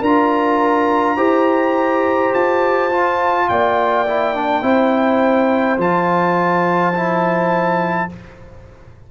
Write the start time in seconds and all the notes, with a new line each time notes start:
0.00 D4 F4 A#4 A#5
1.17 E4 G4 C5
2.34 F4 A5
2.91 F4
3.49 A#3 D5 G5
4.07 E4
4.35 D4
4.62 C4 E4 C5
5.78 F3 F4 A5
6.94 E4